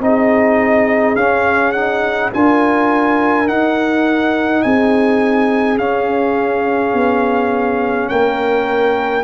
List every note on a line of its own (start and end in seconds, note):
0.00 1.15 C4
0.00 1.17 D#4
0.00 1.16 D#5
0.06 2.34 G#4
1.16 2.31 C#4
1.16 1.75 C#4
1.16 1.73 F5
1.73 2.33 D#4
1.73 2.30 F#5
2.34 3.49 D4
2.34 3.48 F4
2.34 4.65 A#4
2.34 3.49 G#5
3.48 5.79 D#4
3.48 4.64 D#4
3.48 4.63 F#5
4.63 5.79 C4
4.63 8.11 G#4
4.63 5.78 G#5
5.79 9.24 C#4
5.79 6.94 C#4
5.79 8.09 F5
6.94 8.09 B3
8.09 9.24 A#3
8.09 9.24 A#4
8.09 9.24 G5